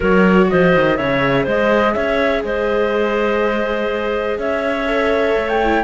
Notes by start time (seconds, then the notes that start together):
0.00 F#3 F#4 A#4 C#5
0.49 F3 C5 D#5
0.75 D#3
0.96 C#3 G#4 C#5 E5
1.44 G#3 C5 D#5
1.93 C#4 C#5 E5
2.43 G#3 C5 D#5
4.38 C#4 C#5 E5
4.87 A4
5.36 A3
5.48 G5
5.64 E4